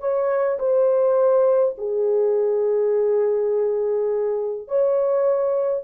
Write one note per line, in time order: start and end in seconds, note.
0.00 0.58 C#5
0.59 1.76 C5
1.78 4.68 G#4
4.68 5.84 C#5